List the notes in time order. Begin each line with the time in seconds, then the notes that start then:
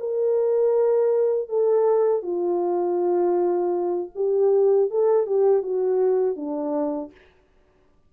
0.00 A#4
1.49 A4
2.23 F4
4.16 G4
4.91 A4
5.27 G4
5.63 F#4
6.36 D4